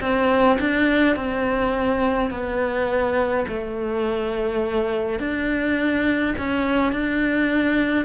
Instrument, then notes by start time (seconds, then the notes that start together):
cello
0.00 C4
0.60 D4
1.16 C4
2.30 B3
3.48 A3
5.19 D4
6.38 C#4
6.92 D4